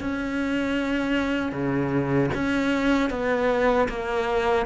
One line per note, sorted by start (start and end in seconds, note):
0.00 1.52 C#4
1.52 2.30 C#3
2.35 3.10 C#4
3.10 3.88 B3
3.89 4.66 A#3